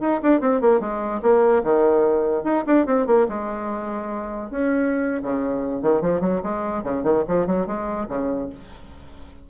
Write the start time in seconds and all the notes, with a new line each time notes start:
0.00 D#4
0.22 D4
0.40 C4
0.61 A#3
0.80 G#3
1.22 A#3
1.63 D#3
2.44 D#4
2.66 D4
2.86 C4
3.06 A#3
3.28 G#3
4.50 C#4
5.22 C#3
5.82 D#3
6.01 F3
6.21 F#3
6.43 G#3
6.83 C#3
7.03 D#3
7.27 F3
7.46 F#3
7.66 G#3
8.08 C#3